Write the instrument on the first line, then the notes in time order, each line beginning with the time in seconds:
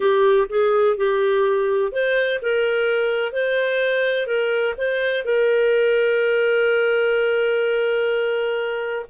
clarinet
0.00 G4
0.49 G#4
0.97 G4
1.92 C5
2.42 A#4
3.32 C5
4.26 A#4
4.77 C5
5.24 A#4